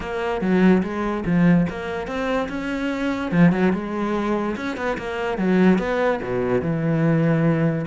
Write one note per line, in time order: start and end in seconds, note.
0.00 0.41 A#3
0.41 0.82 F#3
0.82 1.24 G#3
1.25 1.67 F3
1.69 2.07 A#3
2.07 2.48 C4
2.48 3.31 C#4
3.31 3.52 F3
3.52 3.72 F#3
3.72 4.55 G#3
4.56 4.76 C#4
4.76 4.97 B3
4.97 5.37 A#3
5.37 5.78 F#3
5.78 6.20 B3
6.22 6.61 B2
6.61 7.85 E3